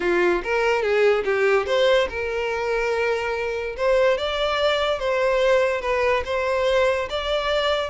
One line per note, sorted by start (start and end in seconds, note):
0.00 0.42 F4
0.43 0.82 A#4
0.82 1.24 G#4
1.24 1.66 G4
1.66 2.08 C5
2.09 3.76 A#4
3.77 4.17 C5
4.17 4.99 D5
4.99 5.81 C5
5.81 6.23 B4
6.25 7.08 C5
7.09 7.89 D5